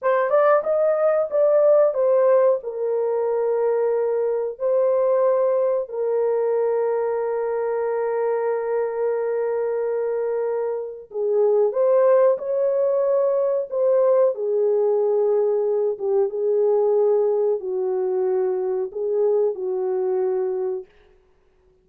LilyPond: \new Staff \with { instrumentName = "horn" } { \time 4/4 \tempo 4 = 92 c''8 d''8 dis''4 d''4 c''4 | ais'2. c''4~ | c''4 ais'2.~ | ais'1~ |
ais'4 gis'4 c''4 cis''4~ | cis''4 c''4 gis'2~ | gis'8 g'8 gis'2 fis'4~ | fis'4 gis'4 fis'2 | }